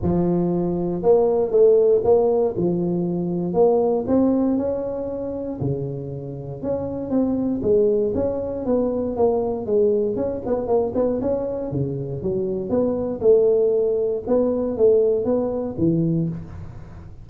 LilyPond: \new Staff \with { instrumentName = "tuba" } { \time 4/4 \tempo 4 = 118 f2 ais4 a4 | ais4 f2 ais4 | c'4 cis'2 cis4~ | cis4 cis'4 c'4 gis4 |
cis'4 b4 ais4 gis4 | cis'8 b8 ais8 b8 cis'4 cis4 | fis4 b4 a2 | b4 a4 b4 e4 | }